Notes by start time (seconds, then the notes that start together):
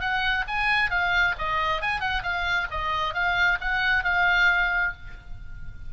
0.00 F#5
0.47 G#5
0.90 F5
1.38 D#5
1.81 G#5
2.00 F#5
2.23 F5
2.71 D#5
3.14 F5
3.60 F#5
4.04 F5